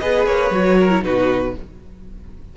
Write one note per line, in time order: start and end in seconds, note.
0.00 0.27 B3
0.00 0.52 G#4
0.00 0.79 B4
0.00 0.26 D#5
0.26 0.51 A#3
0.26 1.04 C#5
0.51 1.03 F#3
0.51 0.91 F#4
0.79 1.05 A#4
0.91 1.02 E4
1.02 1.55 B2
1.02 1.54 D#4
1.02 1.57 F#4
1.02 1.56 B4